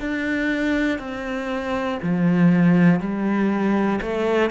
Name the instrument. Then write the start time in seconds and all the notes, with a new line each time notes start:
cello
0.00 D4
0.98 C4
2.02 F3
3.00 G3
4.01 A3